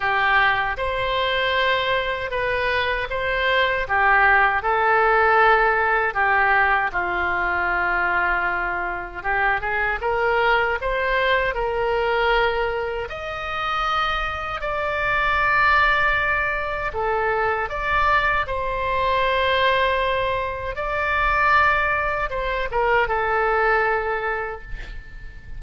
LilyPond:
\new Staff \with { instrumentName = "oboe" } { \time 4/4 \tempo 4 = 78 g'4 c''2 b'4 | c''4 g'4 a'2 | g'4 f'2. | g'8 gis'8 ais'4 c''4 ais'4~ |
ais'4 dis''2 d''4~ | d''2 a'4 d''4 | c''2. d''4~ | d''4 c''8 ais'8 a'2 | }